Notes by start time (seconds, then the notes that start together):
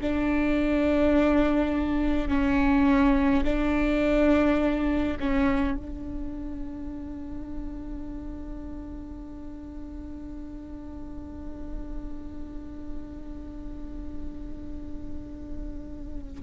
0.00 D4
2.28 C#4
3.44 D4
5.19 C#4
5.77 D4